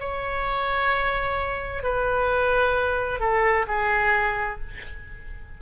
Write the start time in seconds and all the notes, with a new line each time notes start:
0.00 C#5
1.83 B4
3.20 A4
3.68 G#4